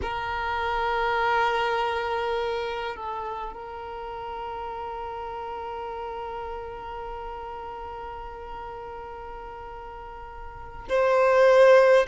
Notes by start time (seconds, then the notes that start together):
0.02 A#4
2.96 A4
3.53 A#4
10.88 C5